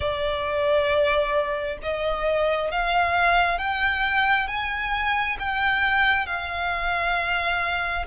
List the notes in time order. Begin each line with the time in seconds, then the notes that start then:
0.00 D5
1.82 D#5
2.71 F5
3.58 G5
4.47 G#5
5.39 G5
6.26 F5